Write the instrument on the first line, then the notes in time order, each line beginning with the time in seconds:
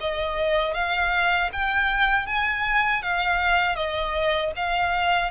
violin
0.00 D#5
0.74 F5
1.52 G5
2.26 G#5
3.02 F5
3.75 D#5
4.55 F5